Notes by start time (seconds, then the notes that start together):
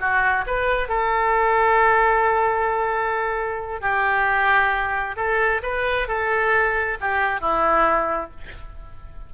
0.00 F#4
0.47 B4
0.89 A4
3.81 G4
5.16 A4
5.63 B4
6.08 A4
7.01 G4
7.41 E4